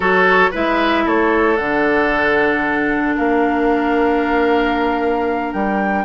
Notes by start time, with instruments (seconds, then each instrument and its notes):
0.00 bassoon F#3, clarinet F#4, oboe A4, flute C#5
0.50 bassoon G#3, clarinet E4, oboe B4, flute E5
1.05 bassoon A3, oboe A4, flute C#5
1.56 bassoon D3, clarinet D4, flute F#5
3.16 bassoon A#3, oboe A#4, flute F5
5.53 bassoon G3, flute G5